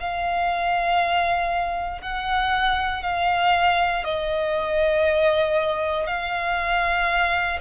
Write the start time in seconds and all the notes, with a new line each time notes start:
0.00 F5
2.01 F#5
3.03 F5
4.04 D#5
6.07 F5